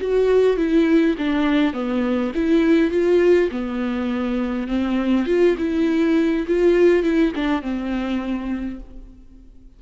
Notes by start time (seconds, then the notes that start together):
0.00 F#4
0.57 E4
1.18 D4
1.73 B3
2.34 E4
2.91 F4
3.51 B3
4.67 C4
5.26 F4
5.57 E4
6.47 F4
7.03 E4
7.35 D4
7.61 C4